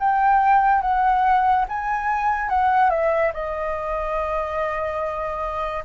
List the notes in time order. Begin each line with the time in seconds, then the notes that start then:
0.00 G5
0.82 F#5
1.69 G#5
2.50 F#5
2.91 E5
3.34 D#5